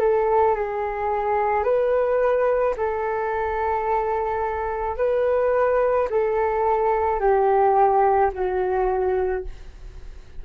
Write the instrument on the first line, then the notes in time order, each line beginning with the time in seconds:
flute
0.00 A4
0.56 G#4
1.64 B4
2.77 A4
4.97 B4
6.11 A4
7.21 G4
8.34 F#4